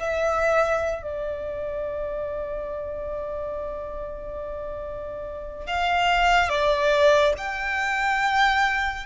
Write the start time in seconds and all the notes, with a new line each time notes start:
0.00 E5
1.03 D5
5.67 F5
6.49 D5
7.38 G5